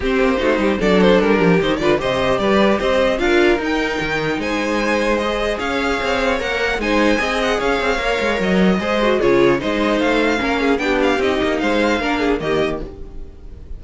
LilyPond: <<
  \new Staff \with { instrumentName = "violin" } { \time 4/4 \tempo 4 = 150 c''2 d''8 c''8 ais'4 | c''8 d''8 dis''4 d''4 dis''4 | f''4 g''2 gis''4~ | gis''4 dis''4 f''2 |
fis''4 gis''4. fis''8 f''4~ | f''4 dis''2 cis''4 | dis''4 f''2 g''8 f''8 | dis''4 f''2 dis''4 | }
  \new Staff \with { instrumentName = "violin" } { \time 4/4 g'4 fis'8 g'8 a'4. g'8~ | g'8 b'8 c''4 b'4 c''4 | ais'2. c''4~ | c''2 cis''2~ |
cis''4 c''4 dis''4 cis''4~ | cis''2 c''4 gis'4 | c''2 ais'8 gis'8 g'4~ | g'4 c''4 ais'8 gis'8 g'4 | }
  \new Staff \with { instrumentName = "viola" } { \time 4/4 c'4 dis'4 d'2 | dis'8 f'8 g'2. | f'4 dis'2.~ | dis'4 gis'2. |
ais'4 dis'4 gis'2 | ais'2 gis'8 fis'8 f'4 | dis'2 cis'4 d'4 | dis'2 d'4 ais4 | }
  \new Staff \with { instrumentName = "cello" } { \time 4/4 c'8 ais8 a8 g8 fis4 g8 f8 | dis8 d8 c4 g4 c'4 | d'4 dis'4 dis4 gis4~ | gis2 cis'4 c'4 |
ais4 gis4 c'4 cis'8 c'8 | ais8 gis8 fis4 gis4 cis4 | gis4 a4 ais4 b4 | c'8 ais8 gis4 ais4 dis4 | }
>>